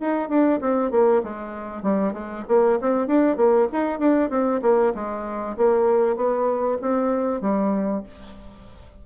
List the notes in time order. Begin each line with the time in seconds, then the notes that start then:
0.00 D#4
0.29 D4
0.61 C4
0.91 A#3
1.23 G#3
1.82 G3
2.13 G#3
2.48 A#3
2.81 C4
3.07 D4
3.37 A#3
3.72 D#4
3.99 D4
4.30 C4
4.62 A#3
4.95 G#3
5.57 A#3
6.16 B3
6.81 C4
7.41 G3